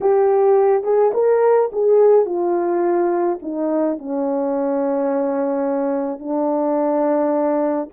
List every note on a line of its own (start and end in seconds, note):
0.00 0.83 G4
0.83 1.11 G#4
1.13 1.70 A#4
1.72 2.25 G#4
2.25 3.39 F4
3.42 3.98 D#4
3.98 6.19 C#4
6.19 7.89 D4